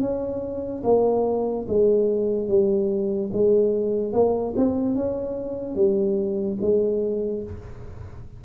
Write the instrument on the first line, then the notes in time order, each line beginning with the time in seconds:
tuba
0.00 C#4
0.83 A#3
1.68 G#3
2.48 G3
3.33 G#3
4.13 A#3
4.56 C4
4.95 C#4
5.75 G3
6.61 G#3